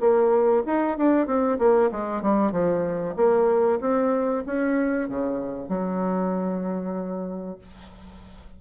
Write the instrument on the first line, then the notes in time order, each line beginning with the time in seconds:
bassoon
0.00 A#3
0.66 D#4
0.97 D4
1.27 C4
1.58 A#3
1.91 G#3
2.22 G3
2.52 F3
3.16 A#3
3.81 C4
4.46 C#4
5.09 C#3
5.69 F#3